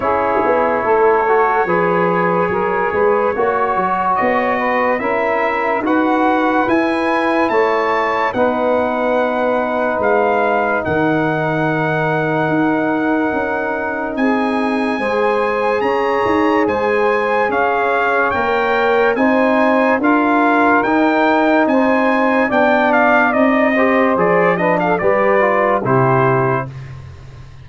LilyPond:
<<
  \new Staff \with { instrumentName = "trumpet" } { \time 4/4 \tempo 4 = 72 cis''1~ | cis''4 dis''4 e''4 fis''4 | gis''4 a''4 fis''2 | f''4 fis''2.~ |
fis''4 gis''2 ais''4 | gis''4 f''4 g''4 gis''4 | f''4 g''4 gis''4 g''8 f''8 | dis''4 d''8 dis''16 f''16 d''4 c''4 | }
  \new Staff \with { instrumentName = "saxophone" } { \time 4/4 gis'4 a'4 b'4 ais'8 b'8 | cis''4. b'8 ais'4 b'4~ | b'4 cis''4 b'2~ | b'4 ais'2.~ |
ais'4 gis'4 c''4 cis''4 | c''4 cis''2 c''4 | ais'2 c''4 d''4~ | d''8 c''4 b'16 a'16 b'4 g'4 | }
  \new Staff \with { instrumentName = "trombone" } { \time 4/4 e'4. fis'8 gis'2 | fis'2 e'4 fis'4 | e'2 dis'2~ | dis'1~ |
dis'2 gis'2~ | gis'2 ais'4 dis'4 | f'4 dis'2 d'4 | dis'8 g'8 gis'8 d'8 g'8 f'8 e'4 | }
  \new Staff \with { instrumentName = "tuba" } { \time 4/4 cis'8 b8 a4 f4 fis8 gis8 | ais8 fis8 b4 cis'4 dis'4 | e'4 a4 b2 | gis4 dis2 dis'4 |
cis'4 c'4 gis4 cis'8 dis'8 | gis4 cis'4 ais4 c'4 | d'4 dis'4 c'4 b4 | c'4 f4 g4 c4 | }
>>